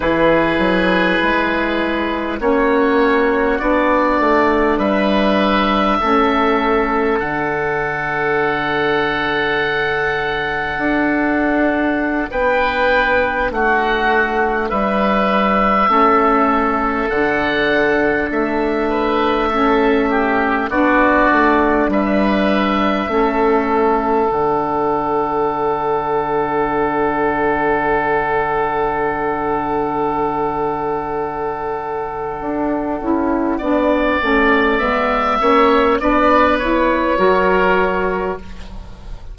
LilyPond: <<
  \new Staff \with { instrumentName = "oboe" } { \time 4/4 \tempo 4 = 50 b'2 cis''4 d''4 | e''2 fis''2~ | fis''2~ fis''16 g''4 fis''8.~ | fis''16 e''2 fis''4 e''8.~ |
e''4~ e''16 d''4 e''4.~ e''16~ | e''16 fis''2.~ fis''8.~ | fis''1~ | fis''4 e''4 d''8 cis''4. | }
  \new Staff \with { instrumentName = "oboe" } { \time 4/4 gis'2 fis'2 | b'4 a'2.~ | a'2~ a'16 b'4 fis'8.~ | fis'16 b'4 a'2~ a'8 b'16~ |
b'16 a'8 g'8 fis'4 b'4 a'8.~ | a'1~ | a'1 | d''4. cis''8 b'4 ais'4 | }
  \new Staff \with { instrumentName = "saxophone" } { \time 4/4 e'2 cis'4 d'4~ | d'4 cis'4 d'2~ | d'1~ | d'4~ d'16 cis'4 d'4.~ d'16~ |
d'16 cis'4 d'2 cis'8.~ | cis'16 d'2.~ d'8.~ | d'2.~ d'8 e'8 | d'8 cis'8 b8 cis'8 d'8 e'8 fis'4 | }
  \new Staff \with { instrumentName = "bassoon" } { \time 4/4 e8 fis8 gis4 ais4 b8 a8 | g4 a4 d2~ | d4 d'4~ d'16 b4 a8.~ | a16 g4 a4 d4 a8.~ |
a4~ a16 b8 a8 g4 a8.~ | a16 d2.~ d8.~ | d2. d'8 cis'8 | b8 a8 gis8 ais8 b4 fis4 | }
>>